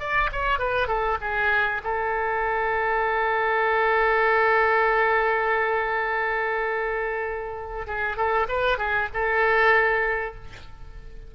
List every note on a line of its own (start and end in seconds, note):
0.00 0.30 D5
0.33 0.59 C#5
0.59 0.88 B4
0.88 1.18 A4
1.21 1.82 G#4
1.84 7.87 A4
7.87 8.17 G#4
8.17 8.47 A4
8.49 8.79 B4
8.79 9.09 G#4
9.14 10.35 A4